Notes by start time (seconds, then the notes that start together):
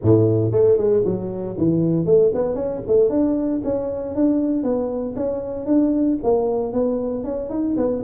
0.02 A2
0.51 A3
0.77 G#3
1.05 F#3
1.57 E3
2.05 A3
2.34 B3
2.55 C#4
2.87 A3
3.09 D4
3.64 C#4
4.15 D4
4.63 B3
5.16 C#4
5.66 D4
6.23 A#3
6.72 B3
7.23 C#4
7.49 D#4
7.76 B3